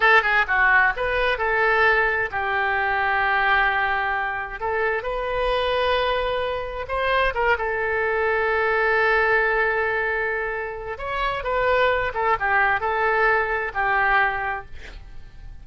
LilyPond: \new Staff \with { instrumentName = "oboe" } { \time 4/4 \tempo 4 = 131 a'8 gis'8 fis'4 b'4 a'4~ | a'4 g'2.~ | g'2 a'4 b'4~ | b'2. c''4 |
ais'8 a'2.~ a'8~ | a'1 | cis''4 b'4. a'8 g'4 | a'2 g'2 | }